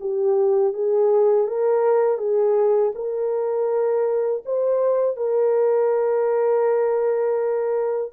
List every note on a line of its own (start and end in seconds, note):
0.00 0.73 G4
0.73 1.47 G#4
1.47 2.18 A#4
2.18 2.92 G#4
2.95 4.43 A#4
4.45 5.16 C5
5.16 8.12 A#4